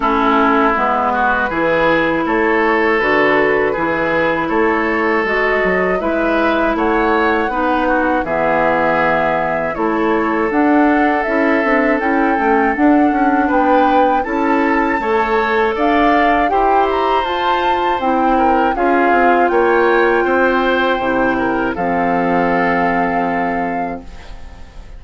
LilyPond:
<<
  \new Staff \with { instrumentName = "flute" } { \time 4/4 \tempo 4 = 80 a'4 b'2 cis''4 | b'2 cis''4 dis''4 | e''4 fis''2 e''4~ | e''4 cis''4 fis''4 e''4 |
g''4 fis''4 g''4 a''4~ | a''4 f''4 g''8 ais''8 a''4 | g''4 f''4 g''2~ | g''4 f''2. | }
  \new Staff \with { instrumentName = "oboe" } { \time 4/4 e'4. fis'8 gis'4 a'4~ | a'4 gis'4 a'2 | b'4 cis''4 b'8 fis'8 gis'4~ | gis'4 a'2.~ |
a'2 b'4 a'4 | cis''4 d''4 c''2~ | c''8 ais'8 gis'4 cis''4 c''4~ | c''8 ais'8 a'2. | }
  \new Staff \with { instrumentName = "clarinet" } { \time 4/4 cis'4 b4 e'2 | fis'4 e'2 fis'4 | e'2 dis'4 b4~ | b4 e'4 d'4 e'8 d'8 |
e'8 cis'8 d'2 e'4 | a'2 g'4 f'4 | e'4 f'2. | e'4 c'2. | }
  \new Staff \with { instrumentName = "bassoon" } { \time 4/4 a4 gis4 e4 a4 | d4 e4 a4 gis8 fis8 | gis4 a4 b4 e4~ | e4 a4 d'4 cis'8 c'8 |
cis'8 a8 d'8 cis'8 b4 cis'4 | a4 d'4 e'4 f'4 | c'4 cis'8 c'8 ais4 c'4 | c4 f2. | }
>>